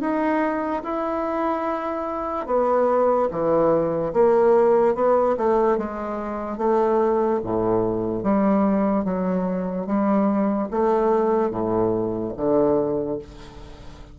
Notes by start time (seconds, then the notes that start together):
0.00 D#4
0.83 E4
2.46 B3
3.30 E3
4.13 A#3
4.94 B3
5.37 A3
5.77 G#3
6.57 A3
7.43 A2
8.23 G3
9.04 F#3
9.86 G3
10.70 A3
11.50 A2
12.36 D3